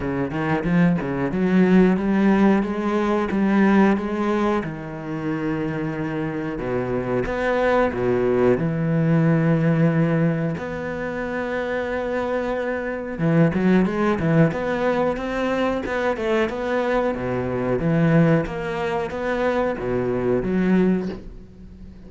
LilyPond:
\new Staff \with { instrumentName = "cello" } { \time 4/4 \tempo 4 = 91 cis8 dis8 f8 cis8 fis4 g4 | gis4 g4 gis4 dis4~ | dis2 b,4 b4 | b,4 e2. |
b1 | e8 fis8 gis8 e8 b4 c'4 | b8 a8 b4 b,4 e4 | ais4 b4 b,4 fis4 | }